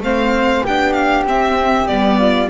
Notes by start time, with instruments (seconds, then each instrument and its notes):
0.00 double bass A3, viola C4, flute C5, violin F5
0.64 double bass B3, viola D4, flute G4, violin G5
0.93 violin F5
1.27 double bass C4, viola C4, violin E5
1.87 double bass G3, viola B3, violin D5
2.18 flute F4